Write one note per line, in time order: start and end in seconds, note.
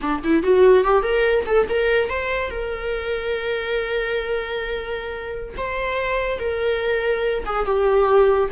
0.01 0.22 D4
0.23 0.43 E4
0.43 0.84 F#4
0.84 1.02 G4
1.02 1.44 A#4
1.46 1.67 A4
1.69 2.09 A#4
2.09 2.50 C5
2.50 5.54 A#4
5.57 6.39 C5
6.39 7.44 A#4
7.45 7.65 G#4
7.65 8.49 G4